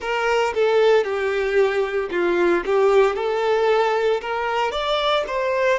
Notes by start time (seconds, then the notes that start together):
0.00 A#4
0.54 A4
1.03 G4
2.11 F4
2.66 G4
3.15 A4
4.21 A#4
4.71 D5
5.27 C5